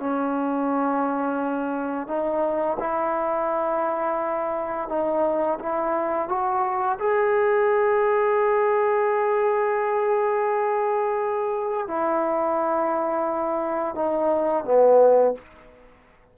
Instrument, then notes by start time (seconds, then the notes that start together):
trombone
0.00 C#4
2.08 D#4
2.80 E4
4.89 D#4
5.59 E4
6.29 F#4
6.99 G#4
11.88 E4
13.95 D#4
14.65 B3